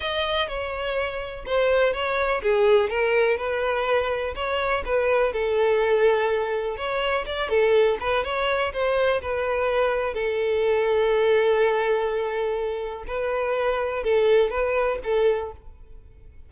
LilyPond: \new Staff \with { instrumentName = "violin" } { \time 4/4 \tempo 4 = 124 dis''4 cis''2 c''4 | cis''4 gis'4 ais'4 b'4~ | b'4 cis''4 b'4 a'4~ | a'2 cis''4 d''8 a'8~ |
a'8 b'8 cis''4 c''4 b'4~ | b'4 a'2.~ | a'2. b'4~ | b'4 a'4 b'4 a'4 | }